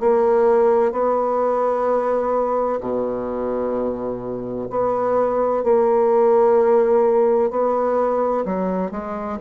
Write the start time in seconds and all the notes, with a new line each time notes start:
0.00 A#3
0.92 B3
2.80 B2
4.70 B3
5.64 A#3
7.50 B3
8.45 F#3
8.91 G#3